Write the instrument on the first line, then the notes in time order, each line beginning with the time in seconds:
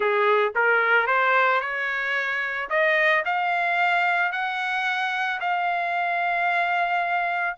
trumpet
0.00 G#4
0.55 A#4
1.07 C5
1.60 C#5
2.69 D#5
3.25 F5
4.31 F#5
5.40 F5